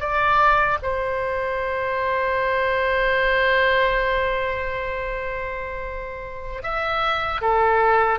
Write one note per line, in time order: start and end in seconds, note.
0.00 0.78 D5
0.82 6.63 C5
6.63 7.41 E5
7.41 8.19 A4